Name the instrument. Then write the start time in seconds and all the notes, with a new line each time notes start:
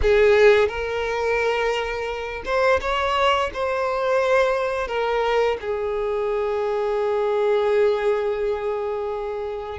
violin
0.02 G#4
0.68 A#4
2.45 C5
2.80 C#5
3.53 C5
4.87 A#4
5.60 G#4